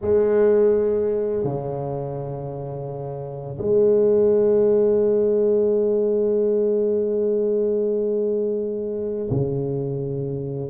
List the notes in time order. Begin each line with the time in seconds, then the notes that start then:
0.01 G#3
1.43 C#3
3.57 G#3
9.30 C#3